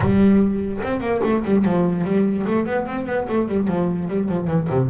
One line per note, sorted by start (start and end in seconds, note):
0.00 0.80 G3
0.83 1.00 C4
1.00 1.20 A#3
1.23 1.44 A3
1.44 1.64 G3
1.64 2.04 F3
2.04 2.45 G3
2.46 2.66 A3
2.66 2.86 B3
2.86 3.06 C4
3.06 3.26 B3
3.29 3.48 A3
3.48 3.67 G3
3.67 4.08 F3
4.08 4.29 G3
4.29 4.47 F3
4.47 4.67 E3
4.69 4.89 C3